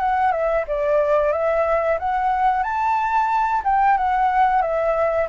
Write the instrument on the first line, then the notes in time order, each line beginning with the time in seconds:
flute
0.00 F#5
0.32 E5
0.67 D5
1.32 E5
1.99 F#5
2.63 A5
3.64 G5
3.97 F#5
4.62 E5